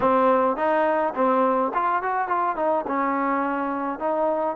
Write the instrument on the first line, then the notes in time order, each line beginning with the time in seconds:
trombone
0.00 C4
0.56 D#4
1.14 C4
1.74 F4
2.02 F#4
2.28 F4
2.56 D#4
2.87 C#4
3.99 D#4